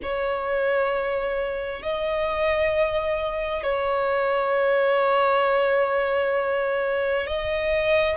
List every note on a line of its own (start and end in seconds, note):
0.02 1.82 C#5
1.82 3.63 D#5
3.63 7.26 C#5
7.26 8.17 D#5